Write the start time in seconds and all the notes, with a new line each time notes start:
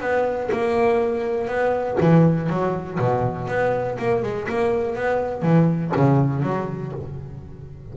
0.00 B3
0.52 A#3
1.48 B3
2.00 E3
2.49 F#3
2.99 B2
3.48 B3
3.98 A#3
4.22 G#3
4.48 A#3
4.95 B3
5.42 E3
5.96 C#3
6.42 F#3